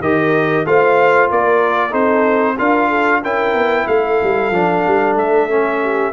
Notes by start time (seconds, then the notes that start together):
0.00 D#3 G4 A#4 D#5
0.65 A3 F4 C5 F5
1.30 A#3 A#4 D5
1.90 C4 D#4 A4 C5
2.58 D4 F4 A#4 F5
2.88 A4
3.22 C#4 E4 A#4 G5
3.54 B3
3.87 A3 A4 F5
4.23 G3
4.50 F3 D4
4.87 G3
5.15 A3 E5
5.49 C#4
5.81 G4